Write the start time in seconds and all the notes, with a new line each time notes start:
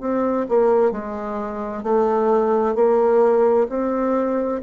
0.00 C4
0.48 A#3
0.91 G#3
1.83 A3
2.75 A#3
3.69 C4